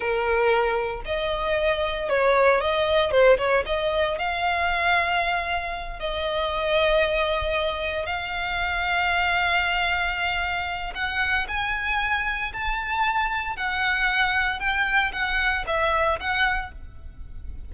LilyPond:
\new Staff \with { instrumentName = "violin" } { \time 4/4 \tempo 4 = 115 ais'2 dis''2 | cis''4 dis''4 c''8 cis''8 dis''4 | f''2.~ f''8 dis''8~ | dis''2.~ dis''8 f''8~ |
f''1~ | f''4 fis''4 gis''2 | a''2 fis''2 | g''4 fis''4 e''4 fis''4 | }